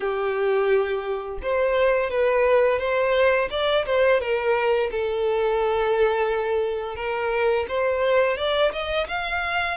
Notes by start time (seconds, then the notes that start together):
0.00 G4
1.42 C5
2.10 B4
2.79 C5
3.50 D5
3.85 C5
4.20 A#4
4.91 A4
6.96 A#4
7.68 C5
8.37 D5
8.72 D#5
9.07 F5